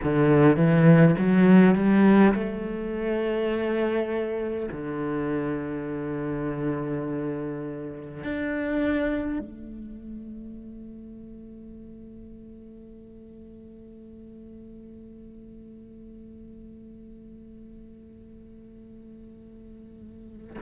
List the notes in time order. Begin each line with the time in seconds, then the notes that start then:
0.03 D3
0.56 E3
1.18 F#3
1.74 G3
2.34 A3
4.71 D3
8.23 D4
9.39 A3